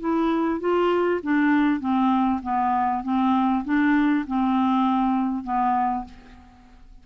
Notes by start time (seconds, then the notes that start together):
0.00 E4
0.60 F4
1.23 D4
1.80 C4
2.43 B3
3.04 C4
3.65 D4
4.28 C4
5.44 B3